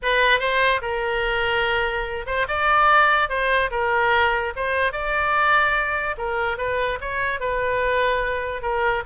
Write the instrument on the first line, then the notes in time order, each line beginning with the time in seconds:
oboe
0.02 B4
0.39 C5
0.81 A#4
2.26 C5
2.48 D5
3.29 C5
3.70 A#4
4.56 C5
4.92 D5
6.17 A#4
6.57 B4
7.00 C#5
7.40 B4
8.62 A#4